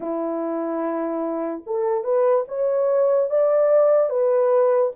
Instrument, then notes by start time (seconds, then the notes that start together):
horn
0.00 E4
1.66 A4
2.03 B4
2.48 C#5
3.30 D5
4.09 B4